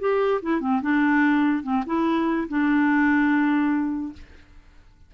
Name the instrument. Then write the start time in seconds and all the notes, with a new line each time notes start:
clarinet
0.00 G4
0.43 E4
0.61 C4
0.82 D4
1.63 C4
1.87 E4
2.49 D4